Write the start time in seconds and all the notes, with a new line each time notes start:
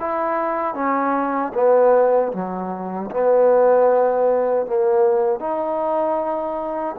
0.00 E4
0.75 C#4
1.54 B3
2.33 F#3
3.11 B3
4.67 A#3
5.40 D#4